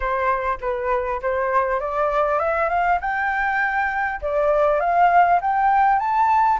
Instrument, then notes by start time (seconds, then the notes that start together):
flute
0.00 C5
0.60 B4
1.22 C5
1.79 D5
2.39 E5
2.69 F5
3.01 G5
4.21 D5
4.80 F5
5.41 G5
5.99 A5